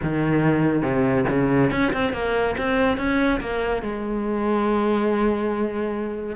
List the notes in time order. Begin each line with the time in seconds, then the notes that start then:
0.02 D#3
0.82 C3
1.29 C#3
1.71 C#4
1.92 C4
2.13 A#3
2.57 C4
2.97 C#4
3.40 A#3
3.82 G#3